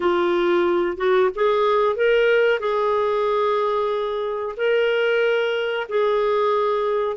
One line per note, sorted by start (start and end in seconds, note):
0.00 0.97 F4
0.97 1.29 F#4
1.35 1.96 G#4
1.96 2.59 A#4
2.59 4.55 G#4
4.56 5.87 A#4
5.89 7.16 G#4